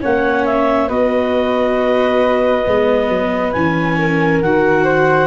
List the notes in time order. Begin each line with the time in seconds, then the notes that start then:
0.00 A#3 C#4 C#5 F#5
0.45 E5
0.88 B3 F#4 B4 D#5
2.65 G#3 B3
3.09 F#3
3.52 E3 C#4 G#5
3.98 A#4
4.41 D#3 F#4 F#5
4.84 C5